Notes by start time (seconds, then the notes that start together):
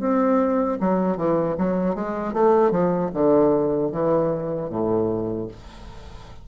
0.00 C4
0.80 F#3
1.17 E3
1.58 F#3
1.95 G#3
2.34 A3
2.71 F3
3.14 D3
3.92 E3
4.70 A2